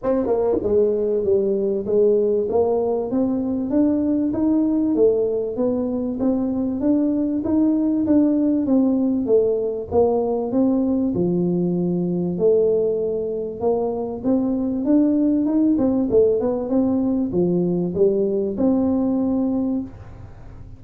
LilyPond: \new Staff \with { instrumentName = "tuba" } { \time 4/4 \tempo 4 = 97 c'8 ais8 gis4 g4 gis4 | ais4 c'4 d'4 dis'4 | a4 b4 c'4 d'4 | dis'4 d'4 c'4 a4 |
ais4 c'4 f2 | a2 ais4 c'4 | d'4 dis'8 c'8 a8 b8 c'4 | f4 g4 c'2 | }